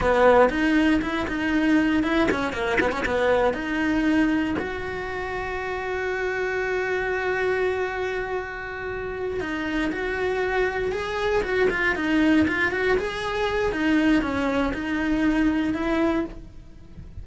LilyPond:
\new Staff \with { instrumentName = "cello" } { \time 4/4 \tempo 4 = 118 b4 dis'4 e'8 dis'4. | e'8 cis'8 ais8 b16 cis'16 b4 dis'4~ | dis'4 fis'2.~ | fis'1~ |
fis'2~ fis'8 dis'4 fis'8~ | fis'4. gis'4 fis'8 f'8 dis'8~ | dis'8 f'8 fis'8 gis'4. dis'4 | cis'4 dis'2 e'4 | }